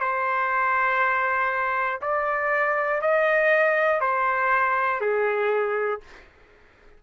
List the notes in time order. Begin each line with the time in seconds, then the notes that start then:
0.00 C5
2.01 D5
3.01 D#5
4.00 C5
5.00 G#4